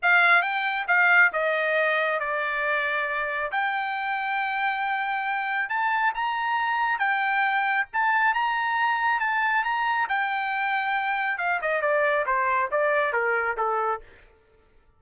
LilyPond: \new Staff \with { instrumentName = "trumpet" } { \time 4/4 \tempo 4 = 137 f''4 g''4 f''4 dis''4~ | dis''4 d''2. | g''1~ | g''4 a''4 ais''2 |
g''2 a''4 ais''4~ | ais''4 a''4 ais''4 g''4~ | g''2 f''8 dis''8 d''4 | c''4 d''4 ais'4 a'4 | }